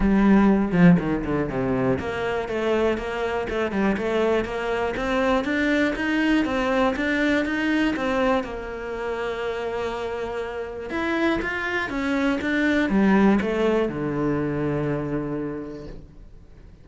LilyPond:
\new Staff \with { instrumentName = "cello" } { \time 4/4 \tempo 4 = 121 g4. f8 dis8 d8 c4 | ais4 a4 ais4 a8 g8 | a4 ais4 c'4 d'4 | dis'4 c'4 d'4 dis'4 |
c'4 ais2.~ | ais2 e'4 f'4 | cis'4 d'4 g4 a4 | d1 | }